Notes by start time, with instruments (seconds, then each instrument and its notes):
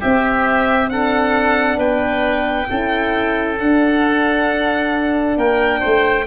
0.00 horn C4, tuba C4, oboe G4, violin E5
0.88 horn D4, oboe A4, violin F#5
1.77 tuba B3, oboe B4, violin G5
2.68 tuba C#4, horn E4, oboe A4
3.59 tuba D4, horn D4, violin F#5
5.37 tuba A#3, oboe A#4, violin G5
5.80 tuba A3, oboe C5